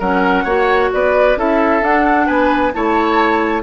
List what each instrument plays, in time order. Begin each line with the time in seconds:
0.00 bassoon F#3, clarinet C#4, oboe A#4, flute F#5
0.44 bassoon A#3, clarinet F#4, oboe C#5
0.93 bassoon B3, oboe B4, flute D5
1.36 bassoon C#4, clarinet E4, oboe A4, flute E5
1.82 bassoon D4, clarinet D4, flute F#5
2.27 bassoon B3, oboe B4, flute G#5
2.74 bassoon A3, clarinet E4, oboe C#5, flute A5